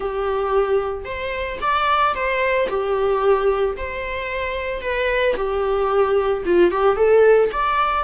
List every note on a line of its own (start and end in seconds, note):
0.00 1.04 G4
1.04 1.58 C5
1.61 2.14 D5
2.15 2.68 C5
2.69 3.76 G4
3.76 4.81 C5
4.81 5.35 B4
5.36 6.43 G4
6.45 6.71 F4
6.71 6.96 G4
6.96 7.50 A4
7.52 8.04 D5